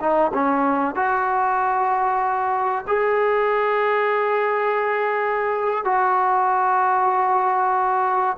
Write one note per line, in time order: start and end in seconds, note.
0.00 0.32 D#4
0.33 0.95 C#4
0.95 2.84 F#4
2.87 5.84 G#4
5.84 8.37 F#4